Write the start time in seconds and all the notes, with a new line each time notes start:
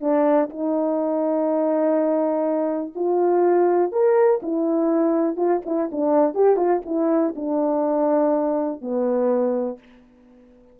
0.00 D4
0.49 D#4
2.95 F4
3.91 A#4
4.42 E4
5.36 F4
5.65 E4
5.91 D4
6.34 G4
6.56 F4
6.85 E4
7.35 D4
8.81 B3